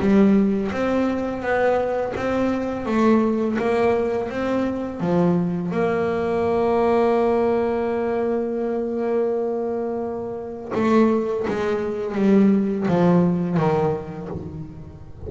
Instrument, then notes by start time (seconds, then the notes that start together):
double bass
0.00 G3
0.72 C4
1.43 B3
2.17 C4
2.86 A3
3.59 A#3
4.30 C4
5.01 F3
5.72 A#3
10.75 A3
11.48 G#3
12.16 G3
12.88 F3
13.57 D#3